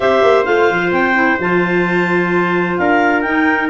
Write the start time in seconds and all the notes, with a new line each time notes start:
0.00 C4 G4 C5 E5
0.22 A#3
0.44 A3 F4 F5
0.70 F3
0.91 C4 G5
1.14 E4
1.39 F3 F4 A5
2.77 D4 A#4 F5
3.21 D#4 G5